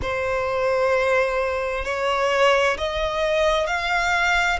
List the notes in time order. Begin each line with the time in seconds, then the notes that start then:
0.02 C5
1.85 C#5
2.77 D#5
3.66 F5